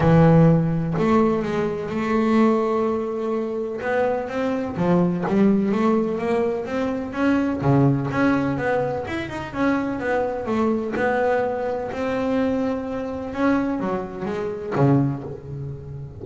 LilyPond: \new Staff \with { instrumentName = "double bass" } { \time 4/4 \tempo 4 = 126 e2 a4 gis4 | a1 | b4 c'4 f4 g4 | a4 ais4 c'4 cis'4 |
cis4 cis'4 b4 e'8 dis'8 | cis'4 b4 a4 b4~ | b4 c'2. | cis'4 fis4 gis4 cis4 | }